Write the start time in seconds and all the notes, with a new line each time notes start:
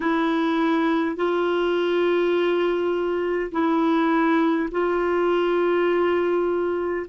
0.00 E4
1.16 F4
3.51 E4
4.71 F4